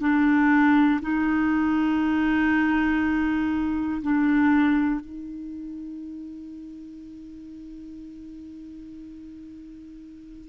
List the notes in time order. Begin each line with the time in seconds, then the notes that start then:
0.00 D4
1.01 D#4
4.02 D4
5.00 D#4